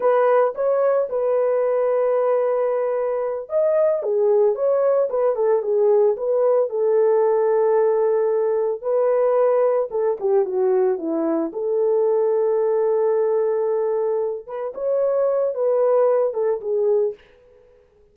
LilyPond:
\new Staff \with { instrumentName = "horn" } { \time 4/4 \tempo 4 = 112 b'4 cis''4 b'2~ | b'2~ b'8 dis''4 gis'8~ | gis'8 cis''4 b'8 a'8 gis'4 b'8~ | b'8 a'2.~ a'8~ |
a'8 b'2 a'8 g'8 fis'8~ | fis'8 e'4 a'2~ a'8~ | a'2. b'8 cis''8~ | cis''4 b'4. a'8 gis'4 | }